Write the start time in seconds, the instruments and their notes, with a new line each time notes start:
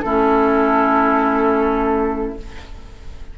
0.00 bassoon A3, clarinet C#4, oboe E4, flute A4